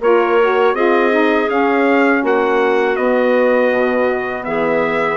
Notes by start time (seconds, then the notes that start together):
0.00 A#3 F4 A#4 C#5
0.41 F#4
0.73 C4 F4 G#4 D#5
1.11 D#4
1.48 C#4 F5
2.22 A#3 F#4 F#5
2.95 B3 D#5
3.72 B2
4.44 E3 G#4 E5